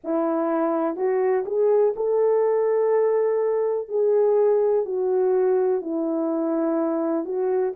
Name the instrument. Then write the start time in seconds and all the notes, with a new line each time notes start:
horn
0.04 E4
0.95 F#4
1.45 G#4
1.96 A4
3.88 G#4
4.85 F#4
5.81 E4
7.24 F#4